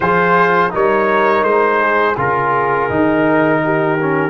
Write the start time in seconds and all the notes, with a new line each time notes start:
0.00 F3 F4 G#4 C5
0.70 G3 D#4 A#4 C#5
1.42 G#3 C5
1.80 G#4
2.17 C#3 F4 A#4
2.89 D#3 D#4
3.64 G4
4.01 C#4